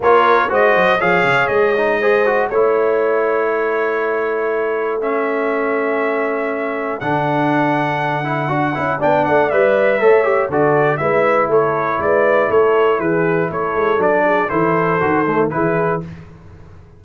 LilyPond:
<<
  \new Staff \with { instrumentName = "trumpet" } { \time 4/4 \tempo 4 = 120 cis''4 dis''4 f''4 dis''4~ | dis''4 cis''2.~ | cis''2 e''2~ | e''2 fis''2~ |
fis''2 g''8 fis''8 e''4~ | e''4 d''4 e''4 cis''4 | d''4 cis''4 b'4 cis''4 | d''4 c''2 b'4 | }
  \new Staff \with { instrumentName = "horn" } { \time 4/4 ais'4 c''4 cis''2 | c''4 cis''2 a'4~ | a'1~ | a'1~ |
a'2 d''2 | cis''4 a'4 b'4 a'4 | b'4 a'4 gis'4 a'4~ | a'8 gis'8 a'2 gis'4 | }
  \new Staff \with { instrumentName = "trombone" } { \time 4/4 f'4 fis'4 gis'4. dis'8 | gis'8 fis'8 e'2.~ | e'2 cis'2~ | cis'2 d'2~ |
d'8 e'8 fis'8 e'8 d'4 b'4 | a'8 g'8 fis'4 e'2~ | e'1 | d'4 e'4 fis'8 a8 e'4 | }
  \new Staff \with { instrumentName = "tuba" } { \time 4/4 ais4 gis8 fis8 f8 cis8 gis4~ | gis4 a2.~ | a1~ | a2 d2~ |
d4 d'8 cis'8 b8 a8 g4 | a4 d4 gis4 a4 | gis4 a4 e4 a8 gis8 | fis4 e4 dis4 e4 | }
>>